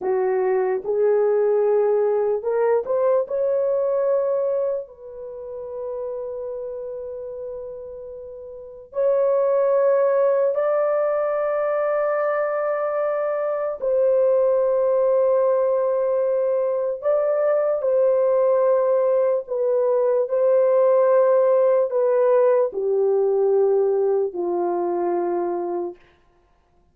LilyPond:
\new Staff \with { instrumentName = "horn" } { \time 4/4 \tempo 4 = 74 fis'4 gis'2 ais'8 c''8 | cis''2 b'2~ | b'2. cis''4~ | cis''4 d''2.~ |
d''4 c''2.~ | c''4 d''4 c''2 | b'4 c''2 b'4 | g'2 f'2 | }